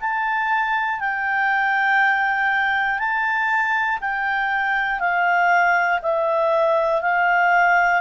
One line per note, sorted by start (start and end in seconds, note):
0.00 1.00 A5
1.00 2.99 G5
2.99 3.99 A5
4.01 5.00 G5
5.00 6.00 F5
6.02 7.01 E5
7.01 8.01 F5